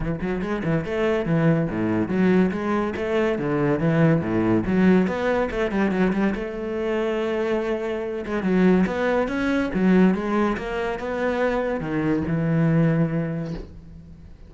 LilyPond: \new Staff \with { instrumentName = "cello" } { \time 4/4 \tempo 4 = 142 e8 fis8 gis8 e8 a4 e4 | a,4 fis4 gis4 a4 | d4 e4 a,4 fis4 | b4 a8 g8 fis8 g8 a4~ |
a2.~ a8 gis8 | fis4 b4 cis'4 fis4 | gis4 ais4 b2 | dis4 e2. | }